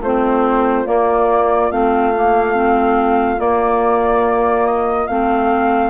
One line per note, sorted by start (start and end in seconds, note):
0.00 0.85 A3
0.00 0.85 C4
0.00 5.89 F4
0.00 0.87 C5
0.85 1.70 A#3
0.85 1.71 A#3
0.85 1.71 D5
1.71 3.39 A3
1.71 2.13 C4
1.71 3.39 F5
2.15 2.54 A#3
2.54 3.37 C4
3.37 5.06 A#3
3.37 5.08 A#3
3.37 4.66 D5
4.66 5.07 D#5
5.07 5.89 A3
5.07 5.89 C4
5.07 5.89 F5